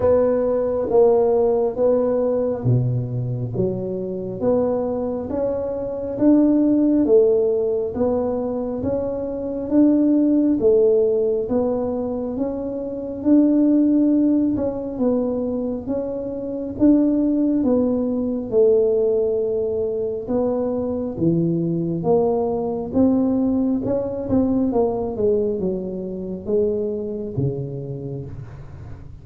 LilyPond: \new Staff \with { instrumentName = "tuba" } { \time 4/4 \tempo 4 = 68 b4 ais4 b4 b,4 | fis4 b4 cis'4 d'4 | a4 b4 cis'4 d'4 | a4 b4 cis'4 d'4~ |
d'8 cis'8 b4 cis'4 d'4 | b4 a2 b4 | e4 ais4 c'4 cis'8 c'8 | ais8 gis8 fis4 gis4 cis4 | }